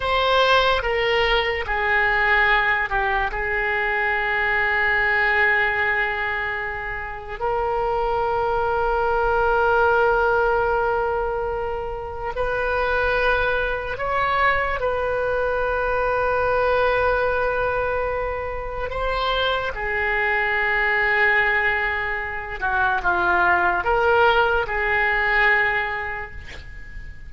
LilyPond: \new Staff \with { instrumentName = "oboe" } { \time 4/4 \tempo 4 = 73 c''4 ais'4 gis'4. g'8 | gis'1~ | gis'4 ais'2.~ | ais'2. b'4~ |
b'4 cis''4 b'2~ | b'2. c''4 | gis'2.~ gis'8 fis'8 | f'4 ais'4 gis'2 | }